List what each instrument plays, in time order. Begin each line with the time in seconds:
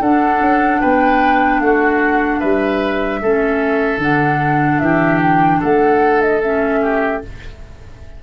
0.00 tuba D4, clarinet D4, oboe A4, flute F#5
0.41 tuba C#4
0.80 tuba B3, oboe B4, flute G5
1.60 tuba A3, oboe F#4, flute F#5
2.39 tuba G3, oboe B4, flute E5
3.21 tuba A3, clarinet C#4, oboe A4
3.98 tuba D3, clarinet D4, flute F#5
4.79 tuba E3, oboe G4, flute E5
5.21 flute G5
5.59 tuba A3, oboe A4, flute F#5
6.21 flute D#5
6.42 clarinet C#4, flute E5
6.82 oboe G4